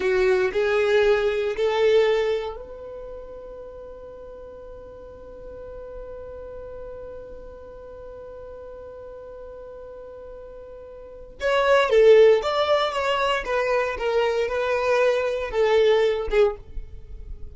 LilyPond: \new Staff \with { instrumentName = "violin" } { \time 4/4 \tempo 4 = 116 fis'4 gis'2 a'4~ | a'4 b'2.~ | b'1~ | b'1~ |
b'1~ | b'2 cis''4 a'4 | d''4 cis''4 b'4 ais'4 | b'2 a'4. gis'8 | }